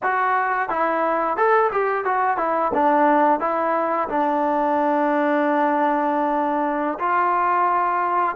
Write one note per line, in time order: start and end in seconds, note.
0.02 0.69 F#4
0.69 1.36 E4
1.36 1.70 A4
1.72 2.04 G4
2.04 2.37 F#4
2.37 2.71 E4
2.73 3.40 D4
3.40 4.08 E4
4.08 6.98 D4
6.99 8.35 F4